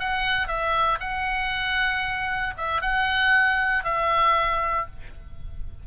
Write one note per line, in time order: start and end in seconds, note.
0.00 0.48 F#5
0.48 0.99 E5
1.00 2.54 F#5
2.58 2.82 E5
2.82 3.84 F#5
3.84 4.87 E5